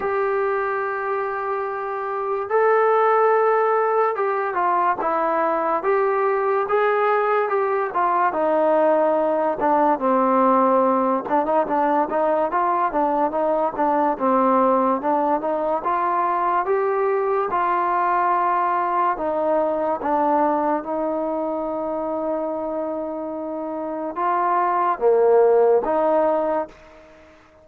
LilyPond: \new Staff \with { instrumentName = "trombone" } { \time 4/4 \tempo 4 = 72 g'2. a'4~ | a'4 g'8 f'8 e'4 g'4 | gis'4 g'8 f'8 dis'4. d'8 | c'4. d'16 dis'16 d'8 dis'8 f'8 d'8 |
dis'8 d'8 c'4 d'8 dis'8 f'4 | g'4 f'2 dis'4 | d'4 dis'2.~ | dis'4 f'4 ais4 dis'4 | }